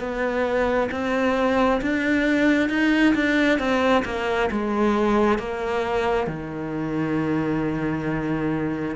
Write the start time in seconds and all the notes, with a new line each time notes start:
0.00 B3
0.92 C4
1.82 D4
2.69 D#4
3.15 D4
3.59 C4
4.05 A#3
4.51 G#3
5.39 A#3
6.27 D#3